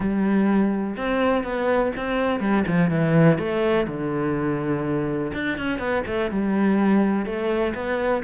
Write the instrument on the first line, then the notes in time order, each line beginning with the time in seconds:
cello
0.00 G3
0.97 C4
1.43 B3
1.96 C4
2.40 G3
2.67 F3
2.90 E3
3.38 A3
3.87 D3
5.33 D4
5.58 C#4
5.78 B3
6.06 A3
6.31 G3
7.25 A3
7.74 B3